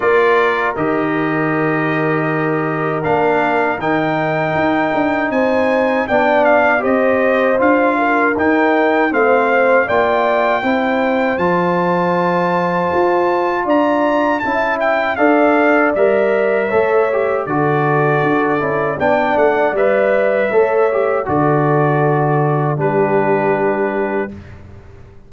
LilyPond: <<
  \new Staff \with { instrumentName = "trumpet" } { \time 4/4 \tempo 4 = 79 d''4 dis''2. | f''4 g''2 gis''4 | g''8 f''8 dis''4 f''4 g''4 | f''4 g''2 a''4~ |
a''2 ais''4 a''8 g''8 | f''4 e''2 d''4~ | d''4 g''8 fis''8 e''2 | d''2 b'2 | }
  \new Staff \with { instrumentName = "horn" } { \time 4/4 ais'1~ | ais'2. c''4 | d''4 c''4. ais'4. | c''4 d''4 c''2~ |
c''2 d''4 e''4 | d''2 cis''4 a'4~ | a'4 d''2 cis''4 | a'2 g'2 | }
  \new Staff \with { instrumentName = "trombone" } { \time 4/4 f'4 g'2. | d'4 dis'2. | d'4 g'4 f'4 dis'4 | c'4 f'4 e'4 f'4~ |
f'2. e'4 | a'4 ais'4 a'8 g'8 fis'4~ | fis'8 e'8 d'4 b'4 a'8 g'8 | fis'2 d'2 | }
  \new Staff \with { instrumentName = "tuba" } { \time 4/4 ais4 dis2. | ais4 dis4 dis'8 d'8 c'4 | b4 c'4 d'4 dis'4 | a4 ais4 c'4 f4~ |
f4 f'4 d'4 cis'4 | d'4 g4 a4 d4 | d'8 cis'8 b8 a8 g4 a4 | d2 g2 | }
>>